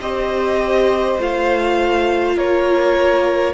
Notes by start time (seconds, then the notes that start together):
0.00 C4 G4 C5 D#5
1.19 A3 F4 F5
2.36 A#3 A#4 C#5